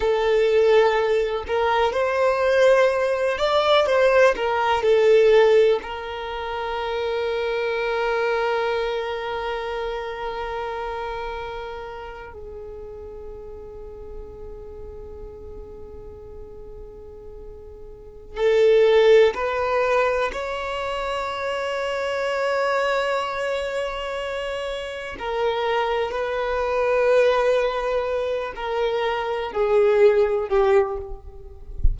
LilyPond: \new Staff \with { instrumentName = "violin" } { \time 4/4 \tempo 4 = 62 a'4. ais'8 c''4. d''8 | c''8 ais'8 a'4 ais'2~ | ais'1~ | ais'8. gis'2.~ gis'16~ |
gis'2. a'4 | b'4 cis''2.~ | cis''2 ais'4 b'4~ | b'4. ais'4 gis'4 g'8 | }